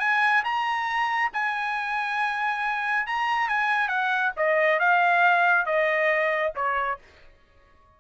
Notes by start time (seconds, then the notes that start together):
0.00 G#5
0.44 A#5
1.33 G#5
3.07 A#5
3.48 G#5
3.88 F#5
4.37 D#5
4.79 F5
5.66 D#5
6.55 C#5